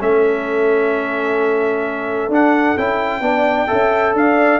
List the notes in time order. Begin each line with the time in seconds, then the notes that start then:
0.00 A3 C#4 A4 E5
2.28 D4 F#5
2.77 C#4 E4 G5
3.20 B3 D4 D5
3.67 C#4 A4 E5
4.14 D4 D5 F5